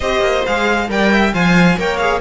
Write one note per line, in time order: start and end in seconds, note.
0.00 0.20 C4
0.00 0.46 G4
0.00 0.89 C5
0.00 0.44 D#5
0.20 0.42 A#3
0.46 0.88 G#3
0.46 0.88 G#4
0.46 0.90 F5
0.88 1.33 G3
0.88 1.32 A#4
0.88 1.12 D5
0.88 1.34 G5
1.12 1.33 E5
1.33 1.77 F3
1.33 1.78 C5
1.33 1.77 F5
1.33 1.78 G#5
1.77 2.21 A#3
1.77 1.99 A#4
1.77 2.21 C#5
1.77 1.97 G5
1.97 2.21 G#4
1.97 2.19 F5